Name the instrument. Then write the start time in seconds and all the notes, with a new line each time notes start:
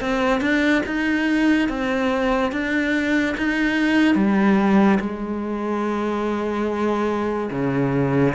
cello
0.00 C4
0.40 D4
0.86 D#4
1.69 C4
2.52 D4
3.37 D#4
4.15 G3
5.00 G#3
7.50 C#3